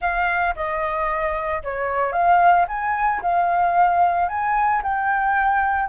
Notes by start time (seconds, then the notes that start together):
0.01 F5
0.55 D#5
1.63 C#5
2.12 F5
2.68 G#5
3.21 F5
4.28 G#5
4.82 G5